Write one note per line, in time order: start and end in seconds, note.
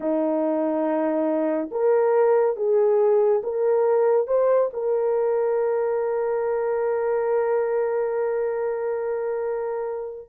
0.00 1.69 D#4
1.71 2.56 A#4
2.56 3.42 G#4
3.43 4.27 A#4
4.27 4.70 C5
4.73 10.28 A#4